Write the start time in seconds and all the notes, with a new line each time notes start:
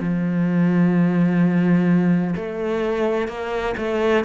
0.00 F3
2.36 A3
3.28 A#3
3.78 A3